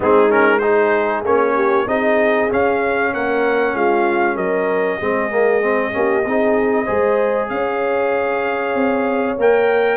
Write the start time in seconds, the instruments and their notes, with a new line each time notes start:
0.00 tuba G#3, trombone C4, horn D#4, trumpet G#4
0.29 trombone C#4, trumpet A#4
0.58 trombone D#4, horn G#4, trumpet C5
1.23 tuba A#3, trombone C#4, trumpet C#5
1.55 horn G4
1.86 tuba C4, trombone D#4, horn G#4, trumpet D#5
2.50 trombone C#4, tuba C#4, trumpet F5
3.13 tuba A#3, horn A#4, trumpet F#5
3.74 tuba G#3, horn F4, trumpet F5
4.35 tuba F#3, horn A#4, trumpet D#5
4.98 tuba G#3, trombone C4, horn G#4
5.30 trombone A#3
5.61 trombone C4
5.91 tuba A#3, trombone C#4, horn G4
6.25 tuba C4, trombone D#4, horn G#4
6.84 tuba G#3, trombone G#4, horn C5
7.49 tuba C#4, horn C#5, trumpet F5
8.74 tuba C4
9.38 tuba A#3, trombone A#4, trumpet G5